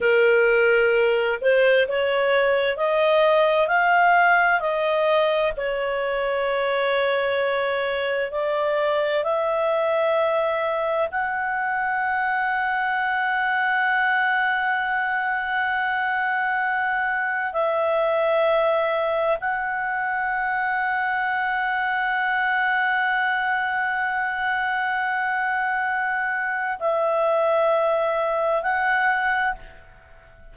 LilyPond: \new Staff \with { instrumentName = "clarinet" } { \time 4/4 \tempo 4 = 65 ais'4. c''8 cis''4 dis''4 | f''4 dis''4 cis''2~ | cis''4 d''4 e''2 | fis''1~ |
fis''2. e''4~ | e''4 fis''2.~ | fis''1~ | fis''4 e''2 fis''4 | }